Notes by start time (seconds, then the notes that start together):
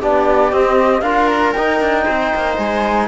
0.00 B3 D4 G4 D5
0.51 C4 D#5
1.01 D4 F4 A#4 F5
1.26 A#5
1.52 D#4 G5
1.80 D4
2.04 C4 C5
2.35 A#3
2.57 G#3 G#5